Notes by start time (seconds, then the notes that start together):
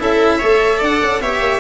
0.00 C#4 E4 A4 E5
0.38 A3 A4 C#5
0.78 D4 D5 F#5
1.02 C#4
1.21 B3 G4 C#5 E5
1.41 A#3